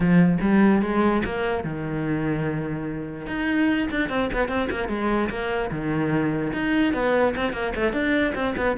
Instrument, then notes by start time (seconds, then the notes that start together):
cello
0.00 F3
0.41 G3
0.81 G#3
1.24 A#3
1.63 D#3
3.27 D#4
3.91 D4
4.09 C4
4.33 B3
4.48 C4
4.70 A#3
4.88 G#3
5.29 A#3
5.71 D#3
6.52 D#4
6.93 B3
7.36 C4
7.53 A#3
7.75 A3
7.92 D4
8.34 C4
8.56 B3